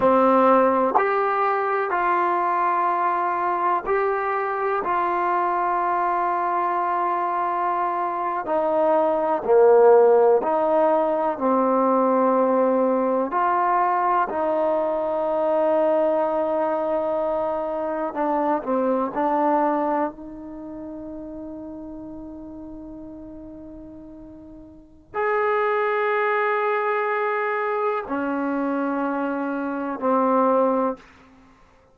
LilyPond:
\new Staff \with { instrumentName = "trombone" } { \time 4/4 \tempo 4 = 62 c'4 g'4 f'2 | g'4 f'2.~ | f'8. dis'4 ais4 dis'4 c'16~ | c'4.~ c'16 f'4 dis'4~ dis'16~ |
dis'2~ dis'8. d'8 c'8 d'16~ | d'8. dis'2.~ dis'16~ | dis'2 gis'2~ | gis'4 cis'2 c'4 | }